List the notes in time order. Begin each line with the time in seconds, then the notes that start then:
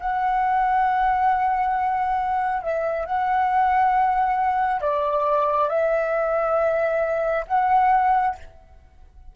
0.00 F#5
2.63 E5
3.06 F#5
4.81 D5
5.70 E5
7.48 F#5